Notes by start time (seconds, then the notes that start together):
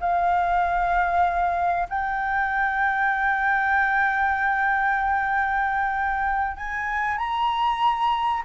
0.00 F5
1.89 G5
6.56 G#5
7.17 A#5